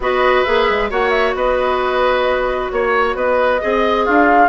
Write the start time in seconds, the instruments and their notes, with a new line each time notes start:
0.00 bassoon B3, clarinet F#4, oboe B4, flute D#5
0.44 bassoon A#3, clarinet G#4, flute E5
0.69 bassoon G#3
0.89 bassoon A#3, clarinet F#4, oboe C#5, flute F#5
1.10 flute E5
1.34 bassoon B3, oboe B4, flute D#5
2.71 bassoon A#3, flute C#5, oboe C#5
3.14 bassoon B3, oboe B4, flute D#5
3.61 bassoon C4, clarinet G#4, oboe D#5
4.04 bassoon D4, oboe F4, flute F5